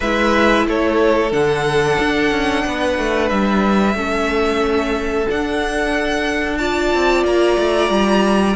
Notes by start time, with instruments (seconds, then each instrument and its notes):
0.00 cello G#3, viola E4, violin B4 E5
0.67 cello A3, violin A4 C#5
1.31 cello D3, viola D4, violin F#5
1.99 cello D4
2.31 cello C#4
2.65 cello B3, violin B4
2.98 cello A3
3.29 cello G3, violin E5
3.94 cello A3, viola C#4, violin A4
5.28 viola D4, cello D4, violin F#5
6.57 viola F4, violin D5 A5
6.94 cello C4
7.23 cello A#3, violin A#5
7.57 cello A3
7.89 cello G3